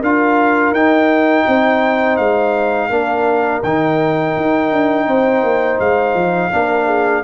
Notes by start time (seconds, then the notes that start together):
0.00 D4 F4 A#4 F5
0.72 D#4 G5
1.48 C4 C5
2.17 G#3 F5
2.90 A#3 D4 A#4
3.63 D#3 D#4 G5
4.37 D#4
4.72 D4
5.07 C4 C5
5.43 A#3
5.80 G#3 F5
6.15 F3
6.52 A#3 D4 A#4
6.86 G#4